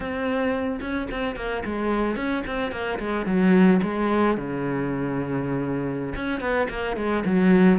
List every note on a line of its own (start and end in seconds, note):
0.00 0.79 C4
0.81 1.08 C#4
1.10 1.36 C4
1.36 1.63 A#3
1.65 2.15 G#3
2.15 2.43 C#4
2.47 2.71 C4
2.71 2.98 A#3
2.99 3.26 G#3
3.26 3.80 F#3
3.82 4.37 G#3
4.37 6.14 C#3
6.15 6.40 C#4
6.40 6.67 B3
6.69 6.96 A#3
6.96 7.23 G#3
7.25 7.78 F#3